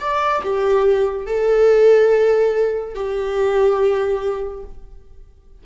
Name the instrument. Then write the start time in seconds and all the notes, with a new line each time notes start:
viola
0.00 D5
0.44 G4
1.27 A4
2.95 G4